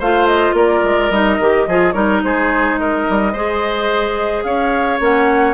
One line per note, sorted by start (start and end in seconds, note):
0.00 0.54 A3
0.00 1.12 F4
0.00 0.56 C5
0.00 0.27 F5
0.27 0.55 D#5
0.54 0.81 A#3
0.54 1.67 A#4
0.54 1.11 D5
0.84 1.11 G#3
1.11 1.38 G3
1.11 1.40 D#4
1.11 1.92 D#5
1.40 1.67 D#3
1.40 1.69 G4
1.67 1.95 F3
1.67 1.94 F4
1.67 1.94 G#4
1.92 2.22 G3
1.92 3.33 D#4
1.92 2.22 A#4
1.92 2.20 C#5
2.24 3.07 G#3
2.24 2.81 G#4
2.24 2.79 C5
2.79 3.33 A#4
2.79 4.44 D#5
3.10 3.34 G3
3.33 4.44 G#3
3.33 5.00 G#4
3.33 4.44 C5
4.44 5.00 C#4
4.44 5.54 C#5
4.44 5.00 F5
5.00 5.54 A#3
5.00 5.54 C#4
5.00 5.54 F#5